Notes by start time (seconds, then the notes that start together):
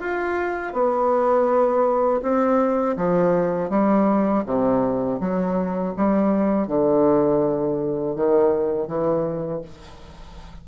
0.00 F4
0.73 B3
2.22 C4
2.96 F3
3.70 G3
4.46 C3
5.20 F#3
5.97 G3
6.67 D3
8.15 D#3
8.87 E3